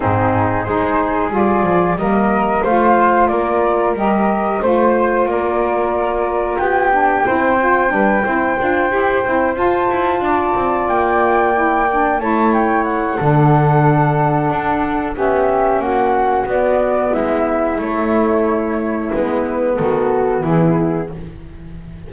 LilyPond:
<<
  \new Staff \with { instrumentName = "flute" } { \time 4/4 \tempo 4 = 91 gis'4 c''4 d''4 dis''4 | f''4 d''4 dis''4 c''4 | d''2 g''2~ | g''2~ g''8 a''4.~ |
a''8 g''2 a''8 g''8 fis''8~ | fis''2. e''4 | fis''4 d''4 e''4 cis''4~ | cis''4 b'4 a'4 gis'4 | }
  \new Staff \with { instrumentName = "flute" } { \time 4/4 dis'4 gis'2 ais'4 | c''4 ais'2 c''4 | ais'2 g'4 c''4 | b'8 c''2. d''8~ |
d''2~ d''8 cis''4. | a'2. g'4 | fis'2 e'2~ | e'2 fis'4 e'4 | }
  \new Staff \with { instrumentName = "saxophone" } { \time 4/4 c'4 dis'4 f'4 ais4 | f'2 g'4 f'4~ | f'2~ f'8 d'8 e'8 f'8 | d'8 e'8 f'8 g'8 e'8 f'4.~ |
f'4. e'8 d'8 e'4. | d'2. cis'4~ | cis'4 b2 a4~ | a4 b2. | }
  \new Staff \with { instrumentName = "double bass" } { \time 4/4 gis,4 gis4 g8 f8 g4 | a4 ais4 g4 a4 | ais2 b4 c'4 | g8 c'8 d'8 e'8 c'8 f'8 e'8 d'8 |
c'8 ais2 a4. | d2 d'4 b4 | ais4 b4 gis4 a4~ | a4 gis4 dis4 e4 | }
>>